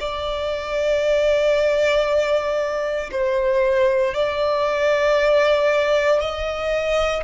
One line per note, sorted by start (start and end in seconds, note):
0.00 3.10 D5
3.11 4.14 C5
4.14 6.21 D5
6.21 7.24 D#5